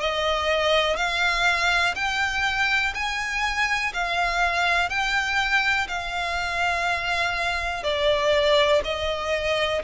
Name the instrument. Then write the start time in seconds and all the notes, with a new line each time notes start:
violin
0.00 D#5
0.97 F5
1.95 G5
2.94 G#5
3.93 F5
4.90 G5
5.88 F5
7.83 D5
8.84 D#5